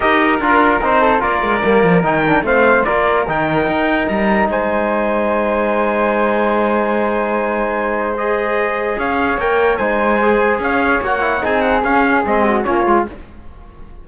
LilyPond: <<
  \new Staff \with { instrumentName = "trumpet" } { \time 4/4 \tempo 4 = 147 dis''4 ais'4 c''4 d''4~ | d''4 g''4 f''4 d''4 | g''2 ais''4 gis''4~ | gis''1~ |
gis''1 | dis''2 f''4 g''4 | gis''2 f''4 fis''4 | gis''8 fis''8 f''4 dis''4 cis''4 | }
  \new Staff \with { instrumentName = "flute" } { \time 4/4 ais'2~ ais'8 a'8 ais'4~ | ais'2 c''4 ais'4~ | ais'2. c''4~ | c''1~ |
c''1~ | c''2 cis''2 | c''2 cis''2 | gis'2~ gis'8 fis'8 f'4 | }
  \new Staff \with { instrumentName = "trombone" } { \time 4/4 g'4 f'4 dis'4 f'4 | ais4 dis'8 d'8 c'4 f'4 | dis'1~ | dis'1~ |
dis'1 | gis'2. ais'4 | dis'4 gis'2 fis'8 e'8 | dis'4 cis'4 c'4 cis'8 f'8 | }
  \new Staff \with { instrumentName = "cello" } { \time 4/4 dis'4 d'4 c'4 ais8 gis8 | g8 f8 dis4 a4 ais4 | dis4 dis'4 g4 gis4~ | gis1~ |
gis1~ | gis2 cis'4 ais4 | gis2 cis'4 ais4 | c'4 cis'4 gis4 ais8 gis8 | }
>>